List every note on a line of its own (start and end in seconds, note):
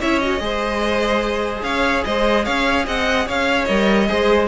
0.00 0.40 C#4
0.00 0.22 E4
0.00 0.41 C#5
0.00 0.19 E5
0.19 0.39 F#4
0.19 1.62 D#5
0.39 1.62 G#3
0.39 3.66 G#4
0.39 1.64 C5
1.63 2.04 C#4
1.63 2.04 C#5
1.63 2.04 F5
2.05 2.47 G#3
2.05 2.45 C5
2.05 2.45 D#5
2.45 2.87 C#4
2.45 2.85 C#5
2.45 2.86 F5
2.86 3.28 C4
2.86 3.26 D#5
2.86 3.28 F#5
3.26 3.69 C#4
3.26 4.08 C#5
3.26 3.65 F5
3.65 4.09 G3
3.65 4.07 A#4
3.65 4.47 D#5
4.07 4.48 G#3
4.07 4.48 G#4
4.07 4.48 C5